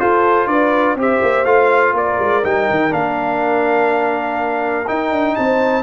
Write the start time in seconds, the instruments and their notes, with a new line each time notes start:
0.00 trombone F4, tuba F4, horn A4, trumpet C5
0.47 tuba D4, horn B4, trumpet D5
0.96 tuba C4, trombone G4, horn C5, trumpet E5
1.22 tuba A#3
1.45 tuba A3, trombone F4, trumpet F5
1.94 tuba A#3, horn A#4, trumpet D5
2.19 tuba G#3
2.44 tuba G3, trombone D#4, trumpet G5
2.71 tuba D#3
2.90 tuba A#3, trombone D4, trumpet F5
4.87 trombone D#4, tuba D#4, trumpet G5
5.12 tuba D4
5.36 tuba C4, horn C5, trumpet A5